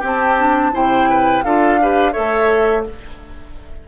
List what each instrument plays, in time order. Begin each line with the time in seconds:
0.00 clarinet C4, bassoon C4, oboe G4
0.07 flute A5
0.38 clarinet D4
0.72 bassoon C3, clarinet E4, oboe C5, flute G5
1.10 oboe B4
1.43 bassoon D4, clarinet F4, oboe A4, flute F5
1.81 clarinet G4, oboe B4
2.13 bassoon A3, clarinet A4, oboe C#5, flute E5